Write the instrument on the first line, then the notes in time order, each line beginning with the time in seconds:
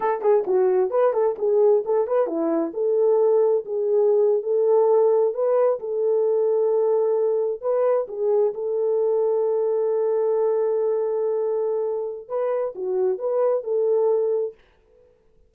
horn
0.00 A4
0.21 G#4
0.46 F#4
0.90 B4
1.13 A4
1.38 G#4
1.85 A4
2.07 B4
2.26 E4
2.73 A4
3.65 G#4
4.43 A4
5.33 B4
5.79 A4
7.61 B4
8.08 G#4
8.54 A4
12.28 B4
12.75 F#4
13.18 B4
13.63 A4